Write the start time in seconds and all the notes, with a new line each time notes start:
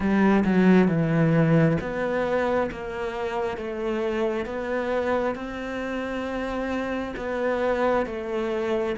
0.00 G3
0.44 F#3
0.88 E3
1.80 B3
2.71 A#3
3.57 A3
4.45 B3
5.35 C4
7.16 B3
8.06 A3